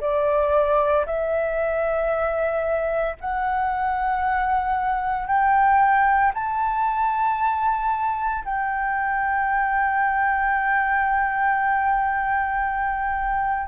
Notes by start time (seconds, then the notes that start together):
0.00 D5
1.06 E5
3.21 F#5
5.27 G5
6.34 A5
8.44 G5